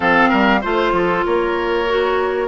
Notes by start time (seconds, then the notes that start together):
0.00 F3 C4 A4 F5
0.29 G3 A#4
0.61 A3 F4 C5
0.92 F3 A4
1.25 A#3 A#4 C#5
1.88 F#4